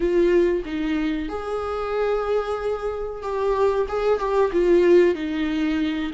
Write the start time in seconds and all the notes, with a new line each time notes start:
0.00 F4
0.65 D#4
1.28 G#4
3.22 G4
3.88 G#4
4.19 G4
4.52 F4
5.14 D#4